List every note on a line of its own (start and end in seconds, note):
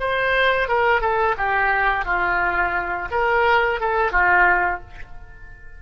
0.00 0.68 C5
0.68 1.01 A#4
1.01 1.36 A4
1.38 2.05 G4
2.05 3.09 F4
3.11 3.80 A#4
3.81 4.12 A4
4.12 4.81 F4